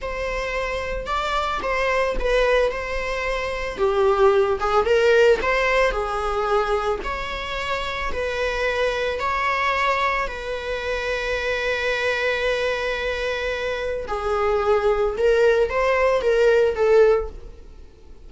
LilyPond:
\new Staff \with { instrumentName = "viola" } { \time 4/4 \tempo 4 = 111 c''2 d''4 c''4 | b'4 c''2 g'4~ | g'8 gis'8 ais'4 c''4 gis'4~ | gis'4 cis''2 b'4~ |
b'4 cis''2 b'4~ | b'1~ | b'2 gis'2 | ais'4 c''4 ais'4 a'4 | }